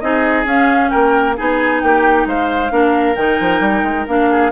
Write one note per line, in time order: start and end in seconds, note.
0.00 0.45 C4
0.00 0.46 D#4
0.00 0.91 G#4
0.00 0.45 D#5
0.45 0.90 C#4
0.45 1.36 C#4
0.45 0.90 F5
0.90 1.39 A#3
0.90 1.36 A#4
0.90 1.35 G5
1.37 1.83 B3
1.37 2.70 D#4
1.37 1.82 G#4
1.37 1.82 G#5
1.82 2.26 A#3
1.82 2.28 G4
1.82 2.27 G5
2.26 2.71 G#3
2.26 2.72 C5
2.26 3.16 F5
2.70 3.16 A#3
2.70 3.15 D4
2.70 4.30 A#4
3.16 3.39 D#3
3.16 4.07 D#4
3.16 4.06 G5
3.40 3.60 F3
3.60 3.83 G3
3.83 4.06 G#3
4.07 4.52 A#3
4.07 4.52 D4
4.07 4.52 F5
4.31 4.52 G#4